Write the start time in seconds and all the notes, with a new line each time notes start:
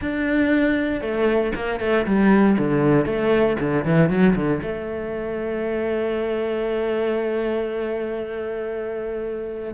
0.01 D4
1.01 A3
1.55 A#3
1.79 A3
2.05 G3
2.58 D3
3.05 A3
3.59 D3
3.85 E3
4.09 F#3
4.35 D3
4.62 A3